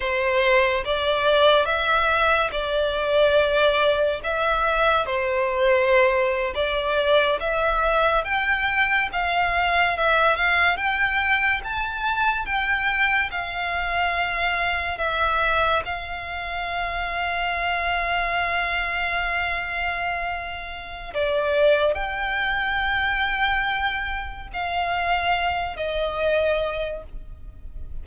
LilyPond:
\new Staff \with { instrumentName = "violin" } { \time 4/4 \tempo 4 = 71 c''4 d''4 e''4 d''4~ | d''4 e''4 c''4.~ c''16 d''16~ | d''8. e''4 g''4 f''4 e''16~ | e''16 f''8 g''4 a''4 g''4 f''16~ |
f''4.~ f''16 e''4 f''4~ f''16~ | f''1~ | f''4 d''4 g''2~ | g''4 f''4. dis''4. | }